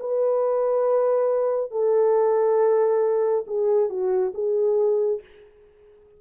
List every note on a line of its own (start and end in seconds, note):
0.00 1.71 B4
1.71 3.45 A4
3.47 3.89 G#4
3.89 4.33 F#4
4.34 5.21 G#4